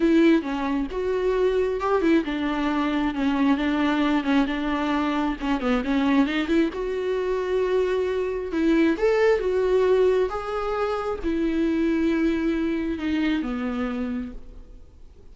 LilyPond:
\new Staff \with { instrumentName = "viola" } { \time 4/4 \tempo 4 = 134 e'4 cis'4 fis'2 | g'8 e'8 d'2 cis'4 | d'4. cis'8 d'2 | cis'8 b8 cis'4 dis'8 e'8 fis'4~ |
fis'2. e'4 | a'4 fis'2 gis'4~ | gis'4 e'2.~ | e'4 dis'4 b2 | }